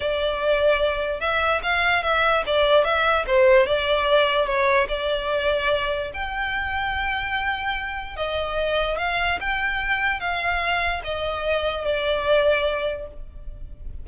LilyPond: \new Staff \with { instrumentName = "violin" } { \time 4/4 \tempo 4 = 147 d''2. e''4 | f''4 e''4 d''4 e''4 | c''4 d''2 cis''4 | d''2. g''4~ |
g''1 | dis''2 f''4 g''4~ | g''4 f''2 dis''4~ | dis''4 d''2. | }